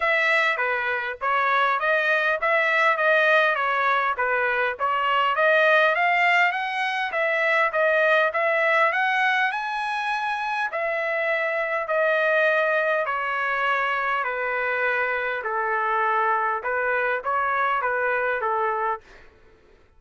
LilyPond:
\new Staff \with { instrumentName = "trumpet" } { \time 4/4 \tempo 4 = 101 e''4 b'4 cis''4 dis''4 | e''4 dis''4 cis''4 b'4 | cis''4 dis''4 f''4 fis''4 | e''4 dis''4 e''4 fis''4 |
gis''2 e''2 | dis''2 cis''2 | b'2 a'2 | b'4 cis''4 b'4 a'4 | }